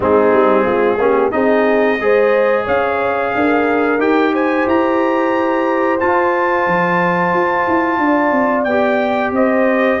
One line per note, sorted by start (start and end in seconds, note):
0.00 0.32 G#3
0.00 0.98 C4
0.00 0.63 D#4
0.00 1.31 G#4
0.32 0.66 G3
0.63 0.98 G#3
0.63 0.97 F4
0.98 1.31 A#3
0.98 1.31 C#4
0.98 1.32 G4
1.31 2.00 C4
1.31 1.98 D#4
1.31 1.99 G#4
1.31 2.64 D#5
2.00 2.66 G#3
2.00 3.99 G#4
2.00 2.64 C5
2.64 3.33 C#4
2.64 3.31 C#5
2.64 4.00 F5
3.34 3.98 D4
3.34 4.33 A#4
3.98 4.64 D#4
3.98 5.99 G4
3.98 4.34 G5
4.33 8.00 C5
4.33 4.68 G#5
4.66 5.99 E4
4.66 5.99 A#5
5.99 8.67 F4
5.99 6.66 F4
5.99 8.64 A5
6.66 7.33 F3
7.33 7.66 F4
7.67 7.98 E4
7.98 8.31 D4
7.98 9.34 D5
8.31 8.65 C4
8.64 9.31 B3
8.64 9.30 G5
8.70 10.00 G4
9.31 9.98 C4
9.31 10.00 C5
9.31 10.00 D#5